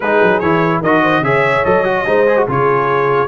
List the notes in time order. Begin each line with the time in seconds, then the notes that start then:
0.00 G#3 D#4 G#4 B4
0.22 F#3
0.39 E3 E4 C#5
0.80 D#3 F#4 A#4 D#5
1.03 C5
1.20 C#3 G#4 C#5 E5
1.64 F#3 A4 D#5
1.84 F#4
2.05 G#3 D#4 C5
2.27 G#4
2.37 F#4
2.45 C#3 F4 G#4 C#5